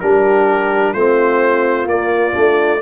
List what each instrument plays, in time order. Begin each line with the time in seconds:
0.00 tuba G3, trombone D4, horn G4, trumpet A#4
0.93 tuba A3, trombone C4, horn F4, trumpet C5
1.86 tuba A#3, trombone A#3, trumpet D5
2.32 tuba A3, trombone D4